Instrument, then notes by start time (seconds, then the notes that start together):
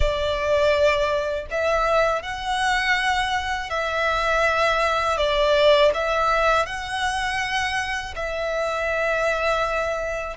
violin
0.00 D5
1.50 E5
2.22 F#5
3.70 E5
5.17 D5
5.94 E5
6.66 F#5
8.15 E5